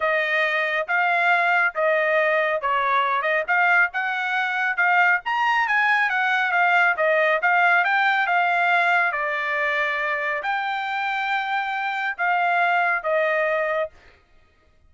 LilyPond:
\new Staff \with { instrumentName = "trumpet" } { \time 4/4 \tempo 4 = 138 dis''2 f''2 | dis''2 cis''4. dis''8 | f''4 fis''2 f''4 | ais''4 gis''4 fis''4 f''4 |
dis''4 f''4 g''4 f''4~ | f''4 d''2. | g''1 | f''2 dis''2 | }